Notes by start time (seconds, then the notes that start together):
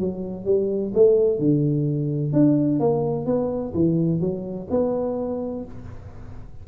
0.00 F#3
0.46 G3
0.95 A3
1.39 D3
2.33 D4
2.80 A#3
3.26 B3
3.74 E3
4.21 F#3
4.71 B3